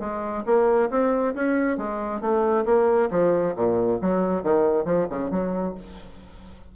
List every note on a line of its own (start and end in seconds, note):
0.00 0.44 G#3
0.46 0.90 A#3
0.90 1.35 C4
1.35 1.78 C#4
1.78 2.21 G#3
2.21 2.66 A3
2.66 3.10 A#3
3.11 3.55 F3
3.56 4.00 A#2
4.02 4.43 F#3
4.43 4.85 D#3
4.85 5.08 F3
5.10 5.31 C#3
5.31 5.75 F#3